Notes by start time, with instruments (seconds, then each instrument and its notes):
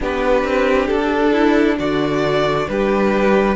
0.00 cello B3, viola D4, violin G4 B4
0.43 cello C4
0.87 cello D4, violin A4
1.32 violin E4
1.78 cello D3, violin F#4 D5
2.68 cello G3, violin G4 B4